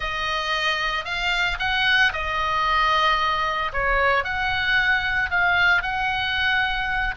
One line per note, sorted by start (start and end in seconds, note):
0.00 1.04 D#5
1.04 1.57 F5
1.59 2.12 F#5
2.12 3.72 D#5
3.73 4.23 C#5
4.23 5.30 F#5
5.30 5.82 F5
5.82 7.15 F#5